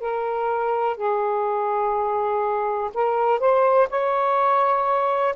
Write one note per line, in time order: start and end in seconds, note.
0.00 0.97 A#4
0.97 2.90 G#4
2.94 3.40 A#4
3.40 3.88 C5
3.90 5.35 C#5